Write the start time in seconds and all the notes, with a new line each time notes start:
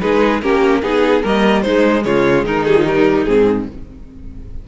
0.00 G#3 D#4 G#4 B4
0.42 A#3 C#4 G4 A#4
0.82 B3 D#4 G#4
1.23 G3 A#3 A#4 D#5
1.62 G#3 D#4 C5
2.05 C#3 F4 C#5
2.44 D#3 D#4 A#4
2.65 G3 G#4
2.76 F3
2.85 G3 A#4
3.24 G#2 C4 G#4